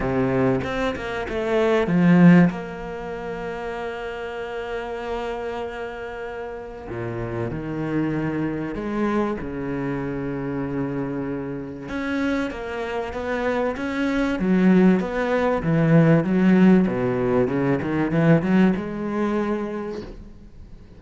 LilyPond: \new Staff \with { instrumentName = "cello" } { \time 4/4 \tempo 4 = 96 c4 c'8 ais8 a4 f4 | ais1~ | ais2. ais,4 | dis2 gis4 cis4~ |
cis2. cis'4 | ais4 b4 cis'4 fis4 | b4 e4 fis4 b,4 | cis8 dis8 e8 fis8 gis2 | }